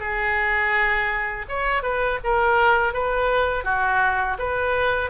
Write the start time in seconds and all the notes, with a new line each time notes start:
0.00 G#4
1.49 C#5
1.83 B4
2.24 A#4
2.94 B4
3.65 F#4
4.39 B4